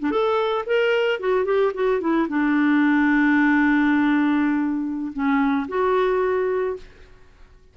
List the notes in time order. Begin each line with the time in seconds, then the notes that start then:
0.00 D4
0.11 A4
0.67 A#4
1.20 F#4
1.46 G4
1.75 F#4
2.01 E4
2.29 D4
5.14 C#4
5.69 F#4